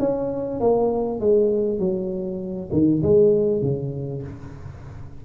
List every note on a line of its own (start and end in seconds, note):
0.00 0.60 C#4
0.60 1.20 A#3
1.20 1.79 G#3
1.79 2.70 F#3
2.72 3.03 D#3
3.03 3.62 G#3
3.62 4.23 C#3